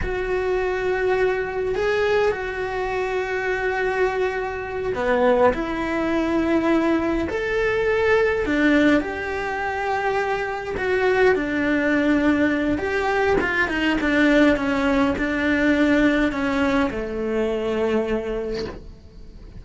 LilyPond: \new Staff \with { instrumentName = "cello" } { \time 4/4 \tempo 4 = 103 fis'2. gis'4 | fis'1~ | fis'8 b4 e'2~ e'8~ | e'8 a'2 d'4 g'8~ |
g'2~ g'8 fis'4 d'8~ | d'2 g'4 f'8 dis'8 | d'4 cis'4 d'2 | cis'4 a2. | }